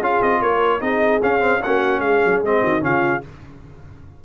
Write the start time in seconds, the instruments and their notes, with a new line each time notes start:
0.00 tuba C#4, trombone F4, horn G#4, trumpet F5
0.22 tuba C4, trumpet D#5
0.41 tuba A#3, horn A#4, trumpet C#5
0.80 tuba C4, trombone D#4, horn G#4, trumpet D#5
1.22 trombone C#4, tuba C#4, trumpet F5
1.39 trombone C4
1.63 tuba A#3, trombone C#4, horn F#4, trumpet F#5
1.99 tuba G#3, horn G#4, trumpet F5
2.25 tuba F#3
2.42 tuba G#3, trombone C4, trumpet D#5
2.63 tuba D#3, horn F#4
2.81 tuba C#3, trombone C#4, horn F4, trumpet F5